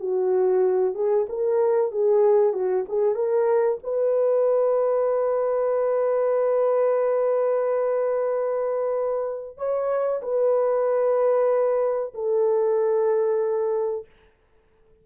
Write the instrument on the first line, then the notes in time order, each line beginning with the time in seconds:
horn
0.00 F#4
0.95 G#4
1.29 A#4
1.92 G#4
2.53 F#4
2.89 G#4
3.15 A#4
3.84 B4
9.57 C#5
10.22 B4
12.15 A4